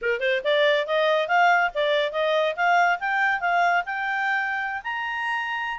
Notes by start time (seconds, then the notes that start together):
0.01 A#4
0.20 C5
0.43 D5
0.86 D#5
1.27 F5
1.74 D5
2.12 D#5
2.56 F5
2.99 G5
3.40 F5
3.85 G5
4.83 A#5